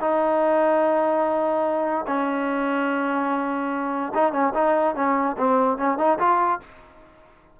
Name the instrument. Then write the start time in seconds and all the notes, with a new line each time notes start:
trombone
0.00 D#4
2.07 C#4
4.14 D#4
4.32 C#4
4.54 D#4
4.95 C#4
5.38 C4
5.78 C#4
5.98 D#4
6.19 F4